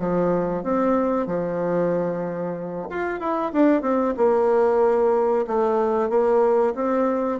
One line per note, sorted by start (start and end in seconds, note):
0.00 0.64 F3
0.64 1.27 C4
1.27 2.89 F3
2.90 3.20 F4
3.20 3.52 E4
3.53 3.82 D4
3.82 4.15 C4
4.17 5.46 A#3
5.47 6.10 A3
6.10 6.74 A#3
6.76 7.40 C4